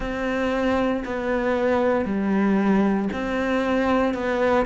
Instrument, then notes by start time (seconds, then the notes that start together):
cello
0.00 C4
1.04 B3
2.05 G3
3.12 C4
4.14 B3